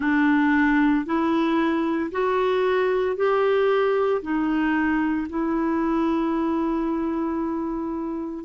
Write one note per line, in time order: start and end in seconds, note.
0.00 1.05 D4
1.05 2.11 E4
2.11 3.16 F#4
3.16 4.21 G4
4.22 5.27 D#4
5.29 8.44 E4